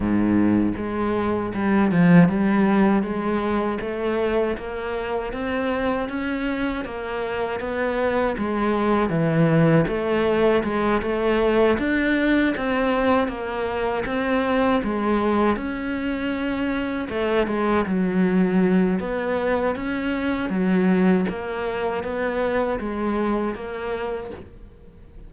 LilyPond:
\new Staff \with { instrumentName = "cello" } { \time 4/4 \tempo 4 = 79 gis,4 gis4 g8 f8 g4 | gis4 a4 ais4 c'4 | cis'4 ais4 b4 gis4 | e4 a4 gis8 a4 d'8~ |
d'8 c'4 ais4 c'4 gis8~ | gis8 cis'2 a8 gis8 fis8~ | fis4 b4 cis'4 fis4 | ais4 b4 gis4 ais4 | }